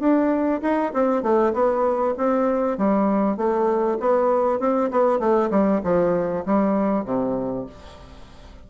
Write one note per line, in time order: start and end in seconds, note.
0.00 0.61 D4
0.62 0.93 D#4
0.94 1.23 C4
1.23 1.54 A3
1.54 2.15 B3
2.18 2.78 C4
2.78 3.37 G3
3.37 3.99 A3
4.00 4.60 B3
4.60 4.91 C4
4.91 5.20 B3
5.20 5.50 A3
5.51 5.82 G3
5.84 6.45 F3
6.46 7.05 G3
7.05 7.66 C3